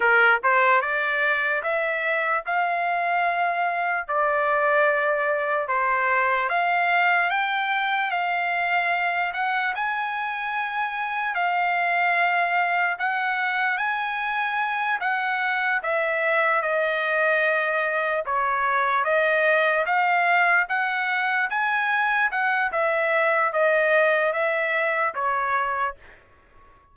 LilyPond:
\new Staff \with { instrumentName = "trumpet" } { \time 4/4 \tempo 4 = 74 ais'8 c''8 d''4 e''4 f''4~ | f''4 d''2 c''4 | f''4 g''4 f''4. fis''8 | gis''2 f''2 |
fis''4 gis''4. fis''4 e''8~ | e''8 dis''2 cis''4 dis''8~ | dis''8 f''4 fis''4 gis''4 fis''8 | e''4 dis''4 e''4 cis''4 | }